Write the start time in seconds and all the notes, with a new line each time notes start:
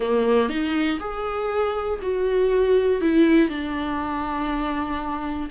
0.00 A#3
0.49 D#4
0.99 G#4
2.01 F#4
3.01 E4
3.49 D4